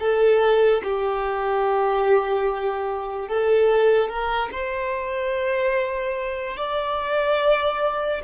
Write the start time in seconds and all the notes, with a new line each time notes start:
0.00 A4
0.84 G4
3.28 A4
4.09 A#4
4.52 C5
6.57 D5